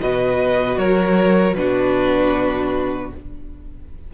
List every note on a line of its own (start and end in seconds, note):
0.00 0.78 B2
0.00 1.56 F#4
0.00 0.79 B4
0.00 0.79 D#5
0.78 1.55 F#3
0.78 1.57 A#4
0.78 1.55 C#5
1.55 3.11 B2
1.55 3.12 D4
1.55 3.15 F#4
1.55 3.11 B4